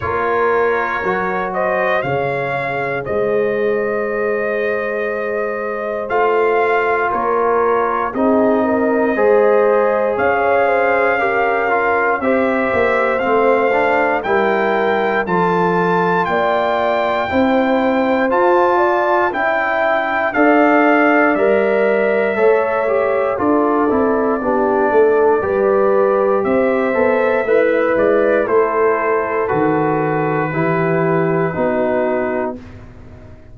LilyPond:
<<
  \new Staff \with { instrumentName = "trumpet" } { \time 4/4 \tempo 4 = 59 cis''4. dis''8 f''4 dis''4~ | dis''2 f''4 cis''4 | dis''2 f''2 | e''4 f''4 g''4 a''4 |
g''2 a''4 g''4 | f''4 e''2 d''4~ | d''2 e''4. d''8 | c''4 b'2. | }
  \new Staff \with { instrumentName = "horn" } { \time 4/4 ais'4. c''8 cis''4 c''4~ | c''2. ais'4 | gis'8 ais'8 c''4 cis''8 c''8 ais'4 | c''2 ais'4 a'4 |
d''4 c''4. d''8 e''4 | d''2 cis''4 a'4 | g'8 a'8 b'4 c''4 e'4 | a'2 g'4 fis'4 | }
  \new Staff \with { instrumentName = "trombone" } { \time 4/4 f'4 fis'4 gis'2~ | gis'2 f'2 | dis'4 gis'2 g'8 f'8 | g'4 c'8 d'8 e'4 f'4~ |
f'4 e'4 f'4 e'4 | a'4 ais'4 a'8 g'8 f'8 e'8 | d'4 g'4. a'8 b'4 | e'4 fis'4 e'4 dis'4 | }
  \new Staff \with { instrumentName = "tuba" } { \time 4/4 ais4 fis4 cis4 gis4~ | gis2 a4 ais4 | c'4 gis4 cis'2 | c'8 ais8 a4 g4 f4 |
ais4 c'4 f'4 cis'4 | d'4 g4 a4 d'8 c'8 | b8 a8 g4 c'8 b8 a8 gis8 | a4 dis4 e4 b4 | }
>>